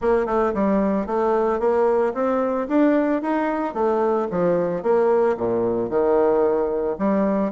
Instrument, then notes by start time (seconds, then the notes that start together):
bassoon
0.01 A#3
0.26 A3
0.54 G3
1.06 A3
1.59 A#3
2.14 C4
2.68 D4
3.22 D#4
3.74 A3
4.31 F3
4.83 A#3
5.37 A#2
5.89 D#3
6.98 G3